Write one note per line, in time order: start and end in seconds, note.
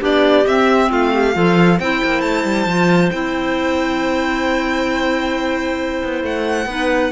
0.00 0.46 B3
0.00 0.44 D4
0.00 0.89 G4
0.00 0.47 D5
0.46 0.91 C4
0.46 1.33 C4
0.46 0.91 E5
0.89 1.36 A3
0.89 1.11 F4
0.89 1.79 F5
1.13 1.35 G4
1.33 1.79 F3
1.33 1.78 F4
1.33 1.79 A4
1.79 2.02 C4
1.79 2.68 E4
1.79 6.69 C5
1.79 2.21 G5
2.04 2.22 A#3
2.21 2.44 A3
2.21 3.10 A5
2.44 2.66 G3
2.66 3.10 F3
2.66 3.12 F4
3.11 6.01 C4
3.11 6.67 E4
3.11 6.22 G5
6.03 6.23 B3
6.23 6.66 A3
6.23 7.12 F#5
6.66 7.10 B3
6.66 7.12 D#4
6.66 7.12 B4